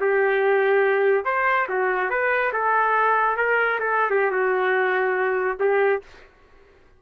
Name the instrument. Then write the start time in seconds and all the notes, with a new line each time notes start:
trumpet
0.00 G4
1.25 C5
1.69 F#4
2.10 B4
2.53 A4
3.37 A#4
3.79 A4
4.10 G4
4.31 F#4
5.59 G4